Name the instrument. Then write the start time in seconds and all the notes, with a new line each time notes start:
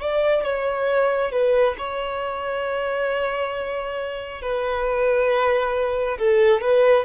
violin
0.00 D5
0.43 C#5
1.32 B4
1.78 C#5
4.42 B4
6.18 A4
6.61 B4